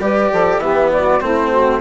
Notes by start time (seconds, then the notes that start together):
0.00 G3 G4 B4 D5
0.31 F3 A4
0.58 E3 B3 G4 E5
0.92 F#4 D5
1.20 A3 C4 E4 C5
1.51 F#4